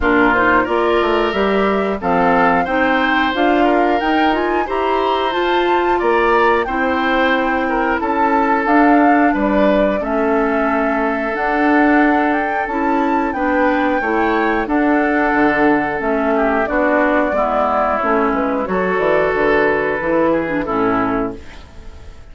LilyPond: <<
  \new Staff \with { instrumentName = "flute" } { \time 4/4 \tempo 4 = 90 ais'8 c''8 d''4 e''4 f''4 | g''4 f''4 g''8 gis''8 ais''4 | a''4 ais''4 g''2 | a''4 f''4 d''4 e''4~ |
e''4 fis''4. g''8 a''4 | g''2 fis''2 | e''4 d''2 cis''8 b'8 | cis''8 d''8 b'2 a'4 | }
  \new Staff \with { instrumentName = "oboe" } { \time 4/4 f'4 ais'2 a'4 | c''4. ais'4. c''4~ | c''4 d''4 c''4. ais'8 | a'2 b'4 a'4~ |
a'1 | b'4 cis''4 a'2~ | a'8 g'8 fis'4 e'2 | a'2~ a'8 gis'8 e'4 | }
  \new Staff \with { instrumentName = "clarinet" } { \time 4/4 d'8 dis'8 f'4 g'4 c'4 | dis'4 f'4 dis'8 f'8 g'4 | f'2 e'2~ | e'4 d'2 cis'4~ |
cis'4 d'2 e'4 | d'4 e'4 d'2 | cis'4 d'4 b4 cis'4 | fis'2 e'8. d'16 cis'4 | }
  \new Staff \with { instrumentName = "bassoon" } { \time 4/4 ais,4 ais8 a8 g4 f4 | c'4 d'4 dis'4 e'4 | f'4 ais4 c'2 | cis'4 d'4 g4 a4~ |
a4 d'2 cis'4 | b4 a4 d'4 d4 | a4 b4 gis4 a8 gis8 | fis8 e8 d4 e4 a,4 | }
>>